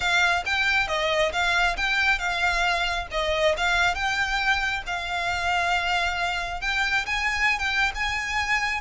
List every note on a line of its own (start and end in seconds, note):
0.00 0.44 F5
0.45 0.87 G5
0.87 1.31 D#5
1.32 1.76 F5
1.76 2.18 G5
2.18 3.07 F5
3.11 3.55 D#5
3.57 3.94 F5
3.94 4.82 G5
4.86 6.61 F5
6.61 7.05 G5
7.06 7.58 G#5
7.58 7.91 G5
7.94 8.81 G#5